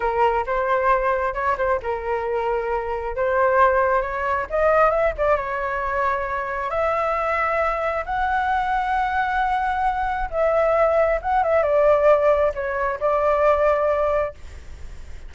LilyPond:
\new Staff \with { instrumentName = "flute" } { \time 4/4 \tempo 4 = 134 ais'4 c''2 cis''8 c''8 | ais'2. c''4~ | c''4 cis''4 dis''4 e''8 d''8 | cis''2. e''4~ |
e''2 fis''2~ | fis''2. e''4~ | e''4 fis''8 e''8 d''2 | cis''4 d''2. | }